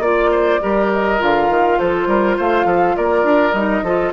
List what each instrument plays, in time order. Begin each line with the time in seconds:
0.00 bassoon A#3, clarinet F4, oboe D5, flute D5
0.32 oboe C5
0.61 bassoon G3, clarinet G4, oboe A#4
0.93 flute D#5
1.19 bassoon D3, clarinet F4, flute F5
1.50 bassoon D#3
1.79 bassoon F3, oboe A4, flute C5
2.07 bassoon G3, oboe A#4
2.37 bassoon A3, oboe C5, flute F5
2.65 bassoon F3, oboe A4
2.97 bassoon A#3, oboe A#4, flute D5
3.24 bassoon D4
3.54 bassoon G3, clarinet D#4, flute D#5
3.83 bassoon F3, clarinet F4, oboe A4